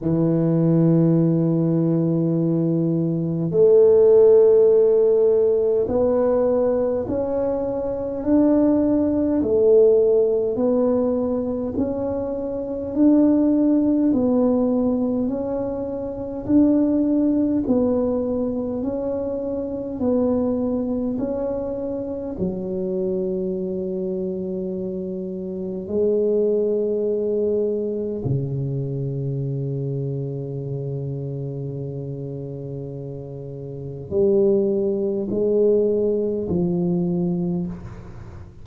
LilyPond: \new Staff \with { instrumentName = "tuba" } { \time 4/4 \tempo 4 = 51 e2. a4~ | a4 b4 cis'4 d'4 | a4 b4 cis'4 d'4 | b4 cis'4 d'4 b4 |
cis'4 b4 cis'4 fis4~ | fis2 gis2 | cis1~ | cis4 g4 gis4 f4 | }